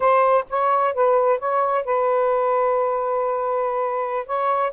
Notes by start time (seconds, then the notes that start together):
0.00 C5
0.49 C#5
0.93 B4
1.39 C#5
1.85 B4
4.26 C#5